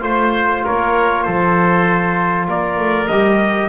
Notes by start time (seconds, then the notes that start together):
0.00 A3 F4 C5
0.64 A#3 A#4 C#5
1.22 F3 A4 C5
2.47 A#3 A#4 D5
2.78 A3
3.08 G3 G4 D#5